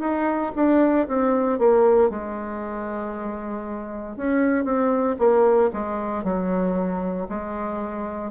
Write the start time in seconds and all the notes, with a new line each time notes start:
0.00 D#4
0.55 D4
1.08 C4
1.59 A#3
2.10 G#3
4.17 C#4
4.65 C4
5.19 A#3
5.73 G#3
6.24 F#3
7.29 G#3